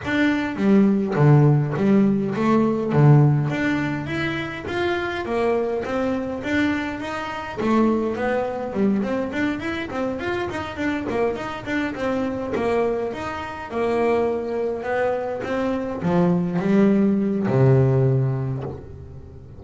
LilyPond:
\new Staff \with { instrumentName = "double bass" } { \time 4/4 \tempo 4 = 103 d'4 g4 d4 g4 | a4 d4 d'4 e'4 | f'4 ais4 c'4 d'4 | dis'4 a4 b4 g8 c'8 |
d'8 e'8 c'8 f'8 dis'8 d'8 ais8 dis'8 | d'8 c'4 ais4 dis'4 ais8~ | ais4. b4 c'4 f8~ | f8 g4. c2 | }